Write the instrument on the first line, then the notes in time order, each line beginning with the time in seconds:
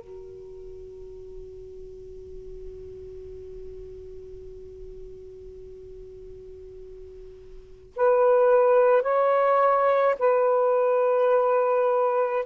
saxophone
0.00 F#4
7.96 B4
9.02 C#5
10.19 B4